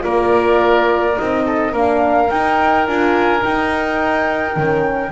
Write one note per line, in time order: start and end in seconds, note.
0.00 1.18 A#3
0.00 1.13 F4
0.00 1.46 A#4
0.00 1.18 D5
1.17 1.73 C4
1.17 1.73 D#4
1.17 1.75 D#5
1.46 1.73 A4
1.73 2.30 A#3
1.73 2.30 D4
1.73 5.12 A#4
1.73 2.30 F5
2.30 2.88 D#4
2.30 2.87 D#4
2.30 2.87 G5
2.87 3.44 D4
2.87 3.41 F4
2.87 3.44 G#5
3.41 4.54 D#4
3.41 4.57 D#4
3.41 5.12 G5
4.55 5.12 D#3
4.55 5.12 C#4